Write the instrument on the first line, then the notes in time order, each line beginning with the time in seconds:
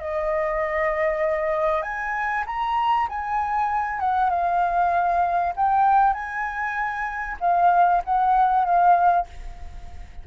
flute
0.00 D#5
1.82 G#5
2.46 A#5
3.09 G#5
4.00 F#5
4.30 F5
5.56 G5
6.13 G#5
7.40 F5
8.05 F#5
8.65 F5